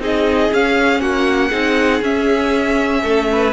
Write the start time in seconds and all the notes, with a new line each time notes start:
0.00 C4 D#4 G#4 D#5
0.53 C#4 F5
1.00 A#3 F#4 F#5
1.49 C4 D#4 G#4
2.02 C#4 E5
3.03 A3 A4
3.32 B4